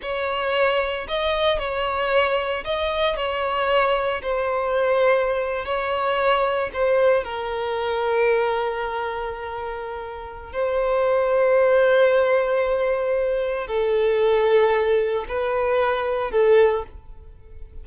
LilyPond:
\new Staff \with { instrumentName = "violin" } { \time 4/4 \tempo 4 = 114 cis''2 dis''4 cis''4~ | cis''4 dis''4 cis''2 | c''2~ c''8. cis''4~ cis''16~ | cis''8. c''4 ais'2~ ais'16~ |
ais'1 | c''1~ | c''2 a'2~ | a'4 b'2 a'4 | }